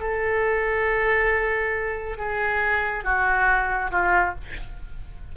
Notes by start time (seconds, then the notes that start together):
0.00 A4
2.17 G#4
3.04 F#4
3.91 F4